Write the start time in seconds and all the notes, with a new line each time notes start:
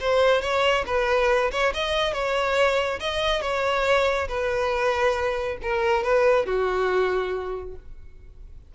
0.00 C5
0.41 C#5
0.86 B4
1.51 C#5
1.73 D#5
2.13 C#5
3.00 D#5
3.41 C#5
4.28 B4
5.62 A#4
6.03 B4
6.45 F#4